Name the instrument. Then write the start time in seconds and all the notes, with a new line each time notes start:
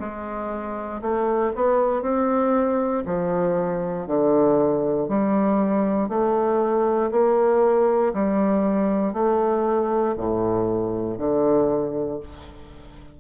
bassoon
0.00 G#3
1.02 A3
1.55 B3
2.02 C4
3.06 F3
4.07 D3
5.09 G3
6.09 A3
7.11 A#3
8.14 G3
9.13 A3
10.17 A2
11.18 D3